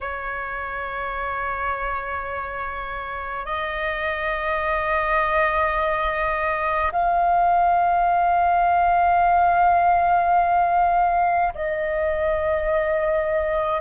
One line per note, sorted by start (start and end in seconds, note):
0.00 3.45 C#5
3.45 6.91 D#5
6.92 11.53 F5
11.54 13.80 D#5